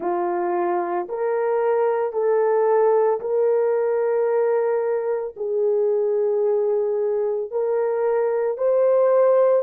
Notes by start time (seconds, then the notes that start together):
0.00 F4
1.08 A#4
2.12 A4
3.20 A#4
5.36 G#4
7.50 A#4
8.57 C5